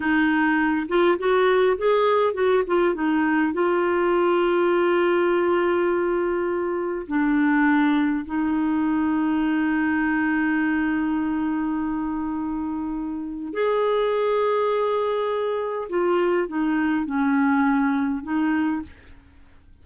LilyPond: \new Staff \with { instrumentName = "clarinet" } { \time 4/4 \tempo 4 = 102 dis'4. f'8 fis'4 gis'4 | fis'8 f'8 dis'4 f'2~ | f'1 | d'2 dis'2~ |
dis'1~ | dis'2. gis'4~ | gis'2. f'4 | dis'4 cis'2 dis'4 | }